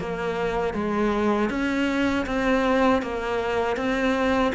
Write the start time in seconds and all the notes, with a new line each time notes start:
0.00 A#3
0.74 G#3
1.50 C#4
2.26 C4
3.02 A#3
3.77 C4